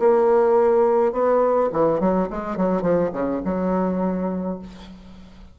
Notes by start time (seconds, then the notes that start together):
0.00 A#3
1.13 B3
1.72 E3
2.00 F#3
2.30 G#3
2.57 F#3
2.82 F3
3.13 C#3
3.45 F#3